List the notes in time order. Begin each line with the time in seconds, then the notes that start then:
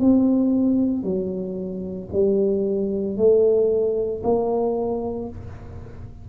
0.00 C4
1.03 F#3
2.12 G3
3.17 A3
4.23 A#3